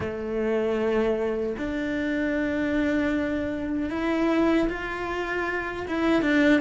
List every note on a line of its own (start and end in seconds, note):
0.00 1.56 A3
1.57 3.90 D4
3.90 4.68 E4
4.69 5.86 F4
5.87 6.22 E4
6.22 6.61 D4